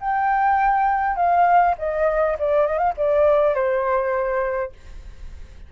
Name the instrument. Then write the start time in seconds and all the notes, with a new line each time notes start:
flute
0.00 G5
1.16 F5
1.78 D#5
2.38 D5
2.66 D#5
2.78 F5
2.97 D5
3.54 C5